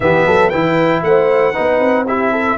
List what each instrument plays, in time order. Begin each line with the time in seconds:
0.00 tuba E3, trombone B3, horn G4, trumpet E5
0.26 tuba F#3, horn A4
0.49 tuba E3, trombone E4, horn B4, trumpet G5
1.02 tuba A3, horn C5, trumpet F#5
1.53 tuba B3, trombone D#4, horn B4
1.79 tuba C4
2.07 trombone E4, horn G4, trumpet E5
2.31 horn A4